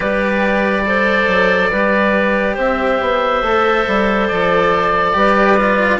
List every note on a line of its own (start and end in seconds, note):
0.00 1.27 G3
0.00 0.85 G4
0.00 0.83 B4
0.00 2.56 D5
0.85 1.71 A4
0.85 1.71 C5
1.27 1.70 F#3
1.71 2.56 G3
1.71 3.43 G4
1.71 2.54 B4
2.54 3.00 C4
2.54 5.11 C5
2.54 4.27 E5
3.01 3.42 B3
3.42 3.85 A3
3.42 5.13 A4
3.87 4.30 G3
4.27 5.15 F3
4.27 5.99 D5
5.13 5.99 G3
5.13 5.56 G4
5.13 5.99 B4
5.56 5.99 F4